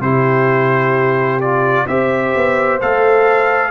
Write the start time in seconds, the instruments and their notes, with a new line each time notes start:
0.00 tuba C3, trombone E4, horn G4, trumpet C5
1.41 trombone F4, trumpet D5
1.85 tuba C4, trombone G4, horn C5, trumpet E5
2.35 tuba B3
2.81 tuba A3, trombone A4, trumpet F5